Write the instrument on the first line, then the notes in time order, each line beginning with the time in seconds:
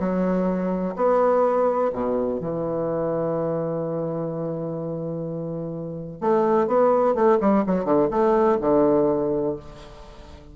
bassoon
0.00 F#3
0.97 B3
1.93 B2
2.41 E3
6.21 A3
6.68 B3
7.15 A3
7.41 G3
7.66 F#3
7.85 D3
8.11 A3
8.61 D3